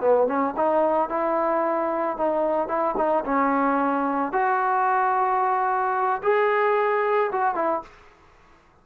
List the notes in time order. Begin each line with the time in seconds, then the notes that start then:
0.00 B3
0.27 C#4
0.56 D#4
1.09 E4
2.17 D#4
2.68 E4
2.97 D#4
3.24 C#4
4.32 F#4
6.22 G#4
7.32 F#4
7.55 E4